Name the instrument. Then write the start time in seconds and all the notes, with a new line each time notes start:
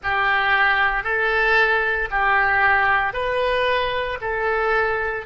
oboe
0.02 G4
1.03 A4
2.11 G4
3.13 B4
4.21 A4